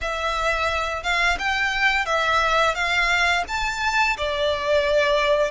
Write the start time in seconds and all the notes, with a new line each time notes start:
0.01 E5
1.03 F5
1.38 G5
2.05 E5
2.74 F5
3.48 A5
4.17 D5